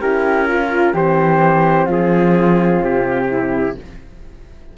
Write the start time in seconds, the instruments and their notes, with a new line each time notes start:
0.00 cello C#4, horn E4, flute G4, trumpet A#4
0.48 flute F4, horn F4
0.93 cello E3, horn C4, flute G4, trumpet C5
1.85 cello F3, flute F4
1.91 trumpet G#4
2.82 cello C3, trumpet G4
3.30 flute E4